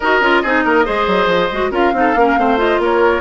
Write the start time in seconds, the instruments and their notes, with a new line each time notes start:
0.00 bassoon D#4, clarinet F#4, oboe A#4, flute D#5
0.20 bassoon C#4, clarinet F4
0.42 bassoon C4, clarinet D#4, oboe G#4
0.64 bassoon A#3, oboe A#4
0.84 bassoon G#3, clarinet G#4, oboe C5
1.06 bassoon F#3
1.26 bassoon F3
1.52 bassoon G#3, clarinet F#4
1.71 bassoon C#4, clarinet F4, oboe A#4, flute F5
1.92 bassoon C4, clarinet D#4
1.99 oboe A4
2.15 bassoon A#3, clarinet C#4, oboe A#4
2.37 bassoon A3, clarinet C4, oboe C5
2.57 clarinet F4, flute D#5
2.78 bassoon A#3, oboe A#4, flute C#5